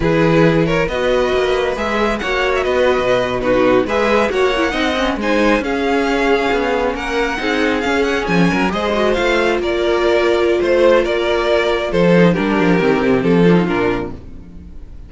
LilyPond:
<<
  \new Staff \with { instrumentName = "violin" } { \time 4/4 \tempo 4 = 136 b'4. cis''8 dis''2 | e''4 fis''8. e''16 dis''4.~ dis''16 b'16~ | b'8. e''4 fis''2 gis''16~ | gis''8. f''2. fis''16~ |
fis''4.~ fis''16 f''8 fis''8 gis''4 dis''16~ | dis''8. f''4 d''2~ d''16 | c''4 d''2 c''4 | ais'2 a'4 ais'4 | }
  \new Staff \with { instrumentName = "violin" } { \time 4/4 gis'4. ais'8 b'2~ | b'4 cis''4 b'4.~ b'16 fis'16~ | fis'8. b'4 cis''4 dis''4 c''16~ | c''8. gis'2. ais'16~ |
ais'8. gis'2~ gis'8 ais'8 c''16~ | c''4.~ c''16 ais'2~ ais'16 | c''4 ais'2 a'4 | g'2~ g'8 f'4. | }
  \new Staff \with { instrumentName = "viola" } { \time 4/4 e'2 fis'2 | gis'4 fis'2~ fis'8. dis'16~ | dis'8. gis'4 fis'8 e'8 dis'8 cis'8 dis'16~ | dis'8. cis'2.~ cis'16~ |
cis'8. dis'4 cis'2 gis'16~ | gis'16 fis'8 f'2.~ f'16~ | f'2.~ f'8 dis'8 | d'4 c'4. d'16 dis'16 d'4 | }
  \new Staff \with { instrumentName = "cello" } { \time 4/4 e2 b4 ais4 | gis4 ais4 b8. b,4~ b,16~ | b,8. gis4 ais4 c'4 gis16~ | gis8. cis'2 b4 ais16~ |
ais8. c'4 cis'4 f8 fis8 gis16~ | gis8. a4 ais2~ ais16 | a4 ais2 f4 | g8 f8 dis8 c8 f4 ais,4 | }
>>